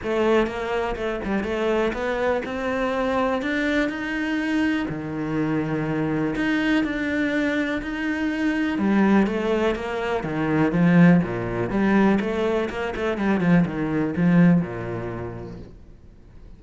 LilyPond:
\new Staff \with { instrumentName = "cello" } { \time 4/4 \tempo 4 = 123 a4 ais4 a8 g8 a4 | b4 c'2 d'4 | dis'2 dis2~ | dis4 dis'4 d'2 |
dis'2 g4 a4 | ais4 dis4 f4 ais,4 | g4 a4 ais8 a8 g8 f8 | dis4 f4 ais,2 | }